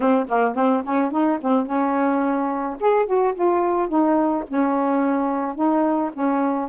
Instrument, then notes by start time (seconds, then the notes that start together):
saxophone
0.00 C4
0.28 A#3
0.55 C4
0.84 C#4
1.11 D#4
1.41 C4
1.66 C#4
2.80 G#4
3.06 F#4
3.34 F4
3.88 D#4
4.48 C#4
5.55 D#4
6.13 C#4